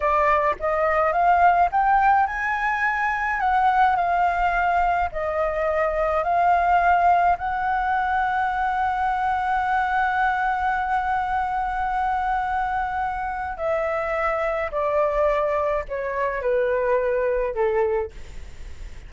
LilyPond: \new Staff \with { instrumentName = "flute" } { \time 4/4 \tempo 4 = 106 d''4 dis''4 f''4 g''4 | gis''2 fis''4 f''4~ | f''4 dis''2 f''4~ | f''4 fis''2.~ |
fis''1~ | fis''1 | e''2 d''2 | cis''4 b'2 a'4 | }